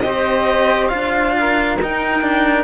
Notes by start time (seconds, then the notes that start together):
0.00 C4 G4 C5 D#5
0.88 D4 F4 F5
1.39 A#4
1.79 D#4 G5
2.22 D4